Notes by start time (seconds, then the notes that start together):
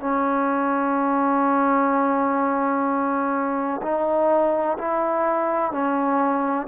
0.00 C#4
3.82 D#4
4.78 E4
5.71 C#4